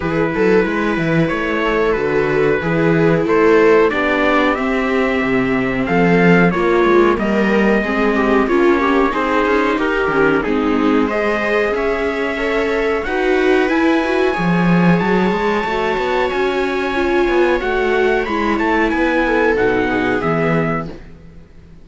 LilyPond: <<
  \new Staff \with { instrumentName = "trumpet" } { \time 4/4 \tempo 4 = 92 b'2 cis''4 b'4~ | b'4 c''4 d''4 e''4~ | e''4 f''4 cis''4 dis''4~ | dis''4 cis''4 c''4 ais'4 |
gis'4 dis''4 e''2 | fis''4 gis''2 a''4~ | a''4 gis''2 fis''4 | b''8 a''8 gis''4 fis''4 e''4 | }
  \new Staff \with { instrumentName = "viola" } { \time 4/4 gis'8 a'8 b'4. a'4. | gis'4 a'4 g'2~ | g'4 a'4 f'4 ais'4 | gis'8 g'8 f'8 g'8 gis'4 g'4 |
dis'4 c''4 cis''2 | b'2 cis''2~ | cis''1~ | cis''4 b'8 a'4 gis'4. | }
  \new Staff \with { instrumentName = "viola" } { \time 4/4 e'2. fis'4 | e'2 d'4 c'4~ | c'2 ais2 | c'4 cis'4 dis'4. cis'8 |
c'4 gis'2 a'4 | fis'4 e'8 fis'8 gis'2 | fis'2 f'4 fis'4 | e'2 dis'4 b4 | }
  \new Staff \with { instrumentName = "cello" } { \time 4/4 e8 fis8 gis8 e8 a4 d4 | e4 a4 b4 c'4 | c4 f4 ais8 gis8 g4 | gis4 ais4 c'8 cis'8 dis'8 dis8 |
gis2 cis'2 | dis'4 e'4 f4 fis8 gis8 | a8 b8 cis'4. b8 a4 | gis8 a8 b4 b,4 e4 | }
>>